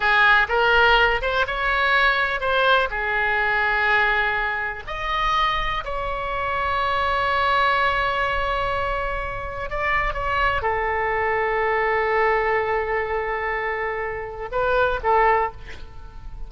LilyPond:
\new Staff \with { instrumentName = "oboe" } { \time 4/4 \tempo 4 = 124 gis'4 ais'4. c''8 cis''4~ | cis''4 c''4 gis'2~ | gis'2 dis''2 | cis''1~ |
cis''1 | d''4 cis''4 a'2~ | a'1~ | a'2 b'4 a'4 | }